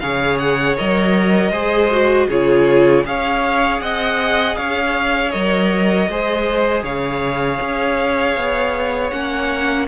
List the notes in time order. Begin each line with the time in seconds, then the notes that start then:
0.00 C#3 G#4 C#5 F5
0.39 F#5
0.77 F#3 A#4 D#5
1.51 G#3 G#4 C5
1.91 F#4
2.28 C#3 F4 G#4 C#5
3.05 C#4 G#4 C#5 F5
3.81 C4 D#5 F#5
4.56 C#4 C#5 F5
5.31 F#3 A#4 D#5
6.09 G#3 G#4 C5
6.83 C#3 C#5 F5
7.61 C#4
8.36 B3
9.11 A#3 C#4 F#5